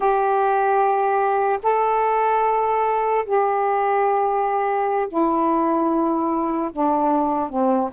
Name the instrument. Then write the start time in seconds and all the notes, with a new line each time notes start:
saxophone
0.00 G4
1.63 A4
3.25 G4
5.08 E4
6.72 D4
7.49 C4